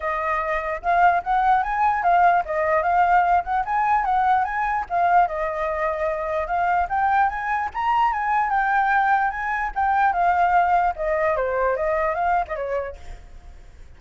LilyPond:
\new Staff \with { instrumentName = "flute" } { \time 4/4 \tempo 4 = 148 dis''2 f''4 fis''4 | gis''4 f''4 dis''4 f''4~ | f''8 fis''8 gis''4 fis''4 gis''4 | f''4 dis''2. |
f''4 g''4 gis''4 ais''4 | gis''4 g''2 gis''4 | g''4 f''2 dis''4 | c''4 dis''4 f''8. dis''16 cis''4 | }